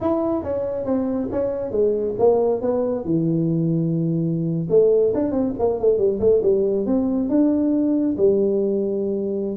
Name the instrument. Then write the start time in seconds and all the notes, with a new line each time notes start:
tuba
0.00 E4
0.43 C#4
0.85 C4
1.31 C#4
1.71 G#3
2.18 A#3
2.61 B3
3.04 E3
4.69 A3
5.14 D4
5.31 C4
5.58 A#3
5.79 A3
5.97 G3
6.20 A3
6.42 G3
6.86 C4
7.29 D4
8.17 G3